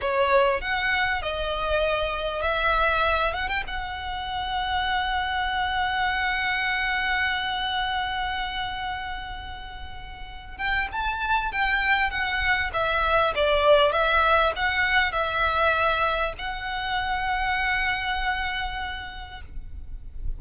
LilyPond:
\new Staff \with { instrumentName = "violin" } { \time 4/4 \tempo 4 = 99 cis''4 fis''4 dis''2 | e''4. fis''16 g''16 fis''2~ | fis''1~ | fis''1~ |
fis''4. g''8 a''4 g''4 | fis''4 e''4 d''4 e''4 | fis''4 e''2 fis''4~ | fis''1 | }